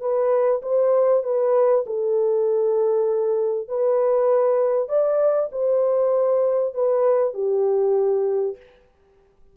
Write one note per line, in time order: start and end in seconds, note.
0.00 0.61 B4
0.62 1.23 C5
1.23 1.85 B4
1.86 3.68 A4
3.68 4.88 B4
4.88 5.50 D5
5.52 6.74 C5
6.74 7.34 B4
7.34 8.56 G4